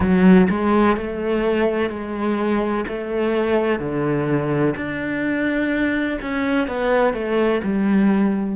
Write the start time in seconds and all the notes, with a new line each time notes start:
0.00 F#3
0.49 G#3
0.96 A3
1.89 G#3
2.88 A3
3.79 D3
4.76 D4
6.21 C#4
6.67 B3
7.13 A3
7.63 G3